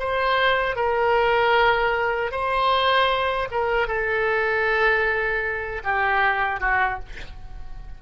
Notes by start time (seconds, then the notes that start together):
0.00 C5
0.76 A#4
2.32 C5
3.51 A#4
3.88 A4
5.84 G4
6.61 F#4